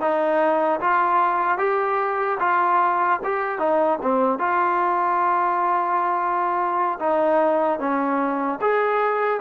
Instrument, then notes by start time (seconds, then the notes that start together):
trombone
0.00 D#4
0.80 F4
1.58 G4
2.40 F4
3.24 G4
3.59 D#4
4.02 C4
4.39 F4
7.00 D#4
7.79 C#4
8.61 G#4